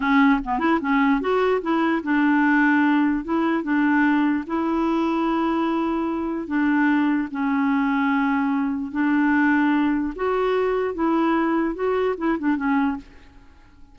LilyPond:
\new Staff \with { instrumentName = "clarinet" } { \time 4/4 \tempo 4 = 148 cis'4 b8 e'8 cis'4 fis'4 | e'4 d'2. | e'4 d'2 e'4~ | e'1 |
d'2 cis'2~ | cis'2 d'2~ | d'4 fis'2 e'4~ | e'4 fis'4 e'8 d'8 cis'4 | }